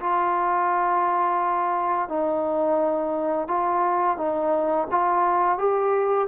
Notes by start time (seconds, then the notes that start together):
0.00 F4
2.09 D#4
3.48 F4
4.18 D#4
4.91 F4
5.58 G4